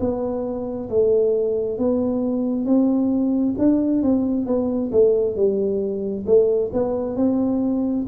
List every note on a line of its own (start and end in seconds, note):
0.00 0.90 B3
0.90 1.79 A3
1.79 2.65 B3
2.65 3.55 C4
3.58 4.03 D4
4.03 4.47 C4
4.47 4.91 B3
4.92 5.36 A3
5.36 6.25 G3
6.26 6.71 A3
6.73 7.16 B3
7.16 8.06 C4